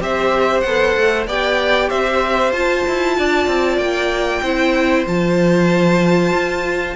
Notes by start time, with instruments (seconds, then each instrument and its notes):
0.00 cello C4, viola G4, violin C5 E5
0.60 cello B3, violin F#5
0.67 viola A4
0.96 cello A3
1.26 cello B3, viola G4, violin D5 G5
1.89 cello C4, violin C5 E5
2.51 cello F4, viola F4, violin A5
2.87 cello E4
3.18 cello D4, violin D5
3.47 cello C4
3.77 cello A#3, violin G5
4.42 cello C4, viola E4, violin C5
5.06 cello F3, viola F4, violin A5
6.32 cello F4